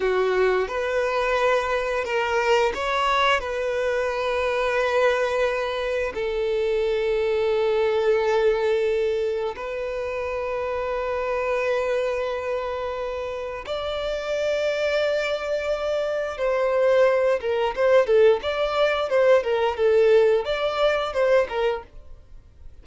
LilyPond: \new Staff \with { instrumentName = "violin" } { \time 4/4 \tempo 4 = 88 fis'4 b'2 ais'4 | cis''4 b'2.~ | b'4 a'2.~ | a'2 b'2~ |
b'1 | d''1 | c''4. ais'8 c''8 a'8 d''4 | c''8 ais'8 a'4 d''4 c''8 ais'8 | }